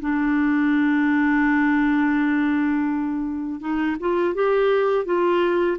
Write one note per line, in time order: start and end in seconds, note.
0.00 3.60 D4
3.60 3.96 D#4
4.00 4.34 F4
4.34 5.05 G4
5.05 5.77 F4